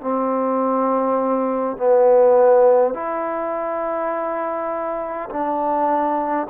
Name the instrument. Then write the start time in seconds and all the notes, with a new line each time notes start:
trombone
0.00 C4
1.76 B3
2.94 E4
5.29 D4